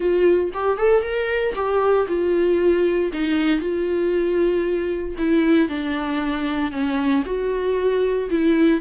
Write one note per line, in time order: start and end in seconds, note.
0.00 0.51 F4
0.53 0.77 G4
0.77 1.02 A4
1.02 1.54 A#4
1.55 2.06 G4
2.07 3.11 F4
3.12 3.59 D#4
3.59 5.15 F4
5.18 5.68 E4
5.68 6.71 D4
6.71 7.23 C#4
7.25 8.29 F#4
8.30 8.80 E4